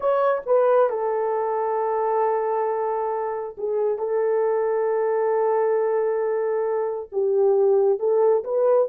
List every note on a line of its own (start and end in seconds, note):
0.00 0.41 C#5
0.46 0.89 B4
0.89 3.56 A4
3.57 3.98 G#4
3.98 7.09 A4
7.12 7.99 G4
7.99 8.43 A4
8.44 8.88 B4